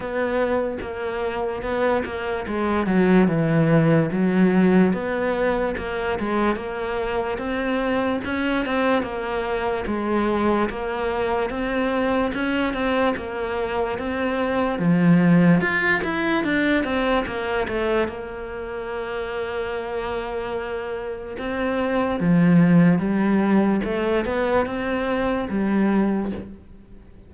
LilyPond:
\new Staff \with { instrumentName = "cello" } { \time 4/4 \tempo 4 = 73 b4 ais4 b8 ais8 gis8 fis8 | e4 fis4 b4 ais8 gis8 | ais4 c'4 cis'8 c'8 ais4 | gis4 ais4 c'4 cis'8 c'8 |
ais4 c'4 f4 f'8 e'8 | d'8 c'8 ais8 a8 ais2~ | ais2 c'4 f4 | g4 a8 b8 c'4 g4 | }